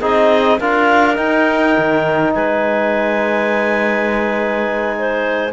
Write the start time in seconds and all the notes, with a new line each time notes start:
0.00 C4 D#4 G#4 D#5
0.59 D4 F4 A#4 F5
1.15 D#4 G5
1.78 D#3
2.35 G#3 B4 G#5
4.98 C5